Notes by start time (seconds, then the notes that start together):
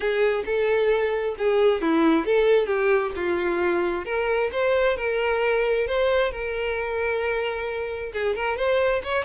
0.00 G#4
0.45 A4
1.38 G#4
1.81 E4
2.25 A4
2.66 G4
3.15 F4
4.05 A#4
4.52 C5
4.96 A#4
5.87 C5
6.31 A#4
8.12 G#4
8.35 A#4
8.56 C5
9.03 C#5